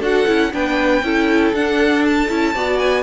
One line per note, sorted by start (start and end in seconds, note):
0.00 0.25 D4
0.00 0.26 F#4
0.00 0.51 A4
0.00 0.54 F#5
0.26 0.53 C#4
0.26 0.52 E4
0.52 1.02 B3
0.52 1.03 D4
0.52 1.05 B4
0.52 1.54 G5
1.02 1.53 C#4
1.02 1.55 E4
1.02 2.55 A4
1.53 2.29 D4
1.53 2.05 F#5
2.05 2.79 A5
2.29 2.55 C#4
2.29 2.54 E4
2.55 3.03 B3
2.55 3.03 F#4
2.55 3.03 D5
2.79 3.03 G#5